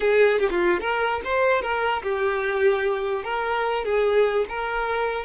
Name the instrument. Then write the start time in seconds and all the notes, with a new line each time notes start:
violin
0.00 G#4
0.39 G4
0.50 F4
0.80 A#4
1.24 C5
1.61 A#4
2.02 G4
3.24 A#4
3.84 G#4
4.49 A#4